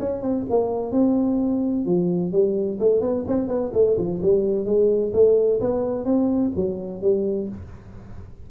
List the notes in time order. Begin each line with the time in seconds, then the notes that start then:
0.00 C#4
0.22 C4
0.50 A#3
0.92 C4
1.86 F3
2.32 G3
2.80 A3
3.01 B3
3.28 C4
3.48 B3
3.74 A3
3.98 F3
4.23 G3
4.65 G#3
5.13 A3
5.61 B3
6.05 C4
6.56 F#3
7.02 G3